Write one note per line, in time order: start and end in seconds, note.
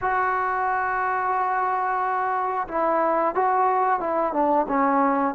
0.01 2.67 F#4
2.68 3.34 E4
3.34 4.00 F#4
4.00 4.33 E4
4.33 4.66 D4
4.68 5.35 C#4